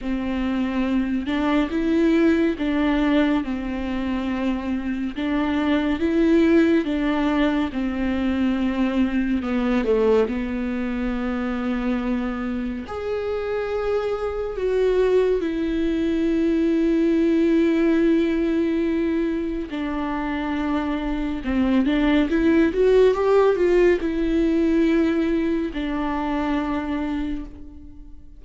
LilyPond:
\new Staff \with { instrumentName = "viola" } { \time 4/4 \tempo 4 = 70 c'4. d'8 e'4 d'4 | c'2 d'4 e'4 | d'4 c'2 b8 a8 | b2. gis'4~ |
gis'4 fis'4 e'2~ | e'2. d'4~ | d'4 c'8 d'8 e'8 fis'8 g'8 f'8 | e'2 d'2 | }